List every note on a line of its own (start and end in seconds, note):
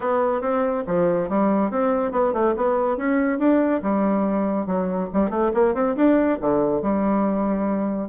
0.00 0.41 B3
0.41 0.83 C4
0.86 1.29 F3
1.29 1.70 G3
1.70 2.11 C4
2.11 2.33 B3
2.33 2.54 A3
2.56 2.97 B3
2.97 3.38 C#4
3.38 3.81 D4
3.82 4.66 G3
4.66 5.09 F#3
5.13 5.30 G3
5.30 5.51 A3
5.54 5.74 A#3
5.74 5.95 C4
5.96 6.38 D4
6.40 6.81 D3
6.81 8.09 G3